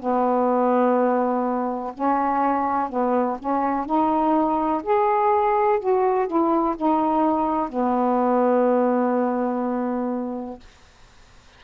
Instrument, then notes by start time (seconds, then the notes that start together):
saxophone
0.00 B3
1.94 C#4
2.89 B3
3.40 C#4
3.86 D#4
4.83 G#4
5.80 F#4
6.28 E4
6.77 D#4
7.70 B3